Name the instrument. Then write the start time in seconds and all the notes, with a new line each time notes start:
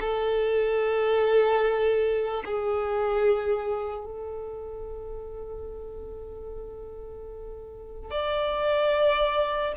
violin
0.00 A4
2.45 G#4
4.05 A4
8.11 D5